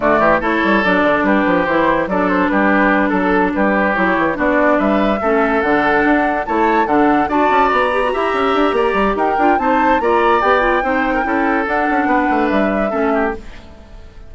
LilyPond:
<<
  \new Staff \with { instrumentName = "flute" } { \time 4/4 \tempo 4 = 144 d''4 cis''4 d''4 b'4 | c''4 d''8 c''8 b'4. a'8~ | a'8 b'4 cis''4 d''4 e''8~ | e''4. fis''2 a''8~ |
a''8 fis''4 a''4 ais''4.~ | ais''2 g''4 a''4 | ais''4 g''2. | fis''2 e''2 | }
  \new Staff \with { instrumentName = "oboe" } { \time 4/4 fis'8 g'8 a'2 g'4~ | g'4 a'4 g'4. a'8~ | a'8 g'2 fis'4 b'8~ | b'8 a'2. cis''8~ |
cis''8 a'4 d''2 e''8~ | e''4 d''4 ais'4 c''4 | d''2 c''8. ais'16 a'4~ | a'4 b'2 a'8 g'8 | }
  \new Staff \with { instrumentName = "clarinet" } { \time 4/4 a4 e'4 d'2 | e'4 d'2.~ | d'4. e'4 d'4.~ | d'8 cis'4 d'2 e'8~ |
e'8 d'4 fis'4. g'16 fis'16 g'8~ | g'2~ g'8 f'8 dis'4 | f'4 g'8 f'8 dis'4 e'4 | d'2. cis'4 | }
  \new Staff \with { instrumentName = "bassoon" } { \time 4/4 d8 e8 a8 g8 fis8 d8 g8 f8 | e4 fis4 g4. fis8~ | fis8 g4 fis8 e8 b4 g8~ | g8 a4 d4 d'4 a8~ |
a8 d4 d'8 cis'8 b4 e'8 | cis'8 d'8 ais8 g8 dis'8 d'8 c'4 | ais4 b4 c'4 cis'4 | d'8 cis'8 b8 a8 g4 a4 | }
>>